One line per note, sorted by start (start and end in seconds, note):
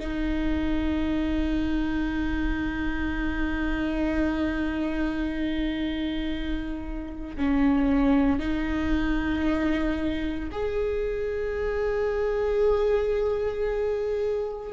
0.00 7.37 D#4
7.37 8.39 C#4
8.39 10.50 D#4
10.52 14.73 G#4